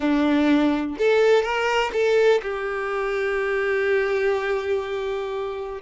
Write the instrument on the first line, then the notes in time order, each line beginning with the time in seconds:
violin
0.00 D4
0.98 A4
1.42 A#4
1.92 A4
2.42 G4